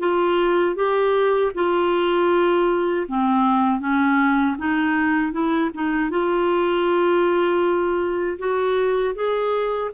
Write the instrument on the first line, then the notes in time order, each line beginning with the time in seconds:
clarinet
0.00 F4
0.76 G4
1.55 F4
3.09 C4
3.81 C#4
4.59 D#4
5.33 E4
5.75 D#4
6.11 F4
8.39 F#4
9.15 G#4